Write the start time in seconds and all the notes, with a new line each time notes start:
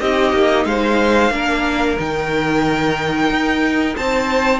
0.00 C4 D#4 G4 D#5
0.33 A#3
0.65 G#3 C5 F5
1.30 A#3 D4 A#4
1.98 D#3 D#4 G5
3.30 D#4
3.96 C4 C5 A5